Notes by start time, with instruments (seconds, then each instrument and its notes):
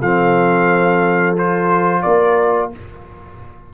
0.00 tuba F3, trombone C4, horn A4, trumpet F5
1.37 trombone F4, trumpet C5
2.03 tuba A#3, horn A#4, trumpet D5